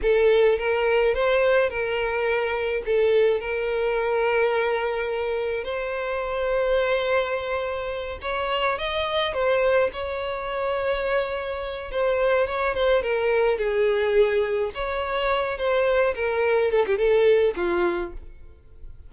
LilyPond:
\new Staff \with { instrumentName = "violin" } { \time 4/4 \tempo 4 = 106 a'4 ais'4 c''4 ais'4~ | ais'4 a'4 ais'2~ | ais'2 c''2~ | c''2~ c''8 cis''4 dis''8~ |
dis''8 c''4 cis''2~ cis''8~ | cis''4 c''4 cis''8 c''8 ais'4 | gis'2 cis''4. c''8~ | c''8 ais'4 a'16 g'16 a'4 f'4 | }